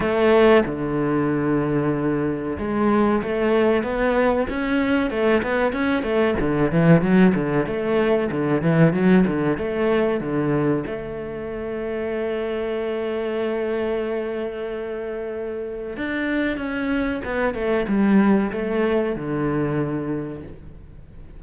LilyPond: \new Staff \with { instrumentName = "cello" } { \time 4/4 \tempo 4 = 94 a4 d2. | gis4 a4 b4 cis'4 | a8 b8 cis'8 a8 d8 e8 fis8 d8 | a4 d8 e8 fis8 d8 a4 |
d4 a2.~ | a1~ | a4 d'4 cis'4 b8 a8 | g4 a4 d2 | }